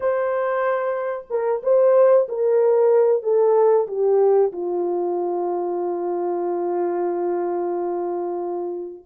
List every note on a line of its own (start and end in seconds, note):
0.00 1.26 C5
1.30 1.62 A#4
1.62 2.27 C5
2.28 3.22 A#4
3.22 3.87 A4
3.87 4.52 G4
4.52 9.04 F4